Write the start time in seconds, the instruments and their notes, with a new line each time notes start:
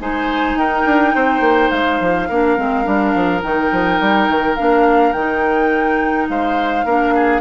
0.00 bassoon G#3, clarinet D#4, oboe C5, flute G#5
0.55 bassoon D#4, oboe A#4, flute G5
0.86 bassoon D4
1.15 bassoon C4, oboe C5
1.40 bassoon A#3
1.70 bassoon G#3, flute F5
2.00 bassoon F3
2.29 bassoon A#3, clarinet D4, oboe A#4
2.57 bassoon G#3, clarinet C4
2.84 bassoon G3, clarinet D4
3.15 bassoon F3
3.42 bassoon D#3, clarinet D#4, flute G5
3.71 bassoon F3
4.00 bassoon G3
4.29 bassoon D#3
4.56 bassoon A#3, clarinet D4, flute F5
5.12 bassoon D#3, clarinet D#4, flute G5
6.29 bassoon G#3, oboe C5, flute F5
6.85 bassoon A#3, clarinet D4, oboe A#4
7.15 oboe G#4